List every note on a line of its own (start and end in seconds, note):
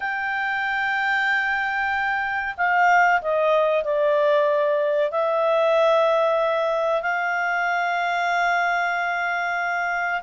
0.00 2.54 G5
2.57 3.21 F5
3.21 3.84 D#5
3.84 5.11 D5
5.11 7.02 E5
7.02 10.21 F5